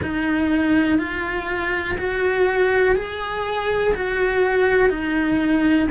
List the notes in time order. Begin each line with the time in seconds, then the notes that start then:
0.02 D#4
0.98 F4
1.98 F#4
2.95 G#4
3.94 F#4
4.89 D#4